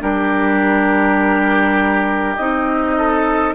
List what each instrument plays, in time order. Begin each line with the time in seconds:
0.00 bassoon G3, clarinet D4, oboe G4, flute A#4
2.36 bassoon C4, clarinet D#4, flute D#5
2.97 oboe A4